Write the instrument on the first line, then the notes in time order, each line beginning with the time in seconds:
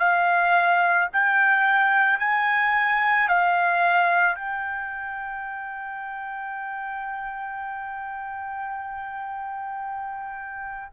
trumpet
0.00 F5
1.13 G5
2.20 G#5
3.29 F5
4.36 G5